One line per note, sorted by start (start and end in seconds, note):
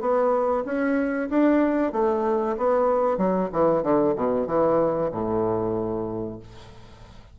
0.00 0.64 B3
0.65 1.29 C#4
1.29 1.92 D4
1.92 2.56 A3
2.57 3.17 B3
3.17 3.49 F#3
3.52 3.82 E3
3.82 4.14 D3
4.15 4.47 B2
4.47 5.10 E3
5.11 6.39 A2